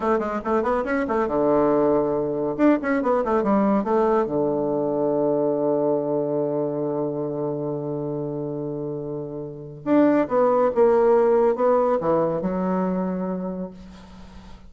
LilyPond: \new Staff \with { instrumentName = "bassoon" } { \time 4/4 \tempo 4 = 140 a8 gis8 a8 b8 cis'8 a8 d4~ | d2 d'8 cis'8 b8 a8 | g4 a4 d2~ | d1~ |
d1~ | d2. d'4 | b4 ais2 b4 | e4 fis2. | }